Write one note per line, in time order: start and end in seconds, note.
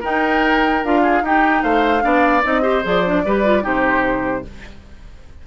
0.00 0.83 D#4
0.00 0.84 D#4
0.00 1.01 A#4
0.00 0.85 G5
0.84 1.22 D4
0.84 1.24 F4
0.84 1.25 F5
1.03 1.23 G#4
1.22 1.62 D#4
1.22 2.01 D#4
1.22 1.63 G4
1.22 1.63 G5
1.63 2.03 A3
1.63 2.03 C5
1.63 2.44 F5
2.01 2.44 B3
2.01 2.42 D4
2.01 2.62 D5
2.43 2.85 C4
2.43 2.62 D#4
2.43 2.85 D#5
2.62 2.82 G4
2.62 3.22 C5
2.84 3.25 F3
2.84 3.04 G#4
2.84 3.66 D5
3.05 3.25 D4
3.25 3.64 G3
3.25 3.45 G4
3.25 3.63 B4
3.45 3.62 F4
3.62 4.45 C3
3.62 4.42 D#4
3.62 4.44 G4
3.62 4.47 C5